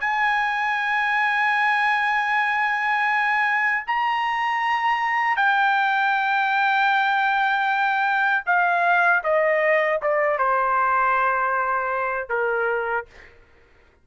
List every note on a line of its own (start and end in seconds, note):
0.00 3.85 G#5
3.86 5.36 A#5
5.36 8.44 G5
8.46 9.23 F5
9.23 10.00 D#5
10.02 10.38 D5
10.38 12.29 C5
12.29 13.06 A#4